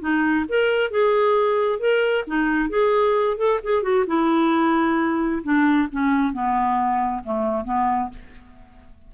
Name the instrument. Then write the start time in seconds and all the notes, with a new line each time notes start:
clarinet
0.00 D#4
0.48 A#4
0.90 G#4
1.79 A#4
2.26 D#4
2.69 G#4
3.37 A4
3.63 G#4
3.82 F#4
4.07 E4
5.43 D4
5.91 C#4
6.32 B3
7.24 A3
7.64 B3